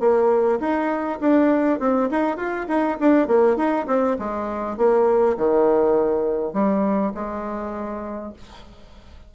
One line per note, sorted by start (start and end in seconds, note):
0.00 0.59 A#3
0.60 1.19 D#4
1.20 1.80 D4
1.80 2.09 C4
2.11 2.37 D#4
2.37 2.66 F4
2.68 2.98 D#4
3.00 3.27 D4
3.27 3.56 A#3
3.56 3.86 D#4
3.87 4.17 C4
4.19 4.77 G#3
4.77 5.37 A#3
5.37 6.53 D#3
6.53 7.12 G3
7.14 8.33 G#3